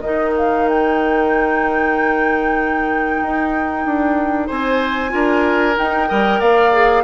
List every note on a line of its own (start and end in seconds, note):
0.00 3.22 D#3
0.00 5.09 D#4
0.00 4.46 A#4
0.00 0.32 D#5
0.37 0.69 F5
0.69 4.49 G5
3.22 3.85 D#4
3.85 4.49 D4
4.46 5.13 C4
4.46 5.10 C5
4.46 5.76 G#5
5.09 5.77 D4
5.09 5.73 F4
5.09 6.09 A#4
5.76 6.08 D#4
5.76 6.10 D#4
5.76 6.41 G5
6.08 6.40 G3
6.08 6.72 A#4
6.08 6.39 D#5
6.39 7.04 A#3
6.39 7.03 D5
6.39 7.04 F5
6.72 7.04 G#4